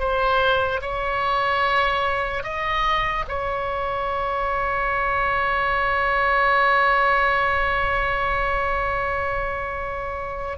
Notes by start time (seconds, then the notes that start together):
0.00 C5
0.82 C#5
2.44 D#5
3.29 C#5